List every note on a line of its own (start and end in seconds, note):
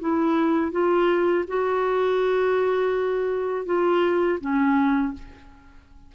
0.00 0.72 E4
0.72 1.45 F4
1.48 3.66 F#4
3.66 4.39 F4
4.40 5.14 C#4